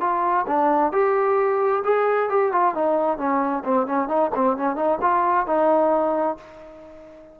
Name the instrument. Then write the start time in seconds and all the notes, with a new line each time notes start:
trombone
0.00 F4
0.47 D4
0.92 G4
1.84 G#4
2.29 G4
2.52 F4
2.74 D#4
3.18 C#4
3.64 C4
3.86 C#4
4.08 D#4
4.35 C4
4.57 C#4
4.76 D#4
5.01 F4
5.46 D#4